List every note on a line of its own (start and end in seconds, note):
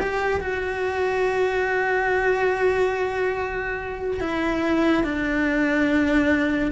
0.00 0.40 G4
0.40 4.21 F#4
4.21 5.04 E4
5.04 6.71 D4